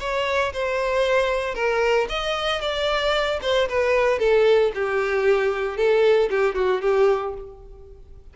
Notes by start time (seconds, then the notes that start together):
0.00 C#5
0.53 C5
1.55 A#4
2.09 D#5
2.61 D5
3.42 C5
3.69 B4
4.19 A4
4.75 G4
5.77 A4
6.30 G4
6.55 F#4
6.81 G4